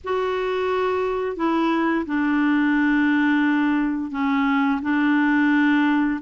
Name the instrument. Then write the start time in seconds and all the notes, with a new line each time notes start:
clarinet
0.04 F#4
1.36 E4
2.06 D4
4.11 C#4
4.82 D4